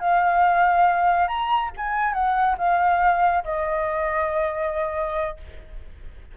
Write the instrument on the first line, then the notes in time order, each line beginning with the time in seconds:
flute
0.00 F5
1.28 A#5
1.77 G#5
2.14 F#5
2.58 F5
3.44 D#5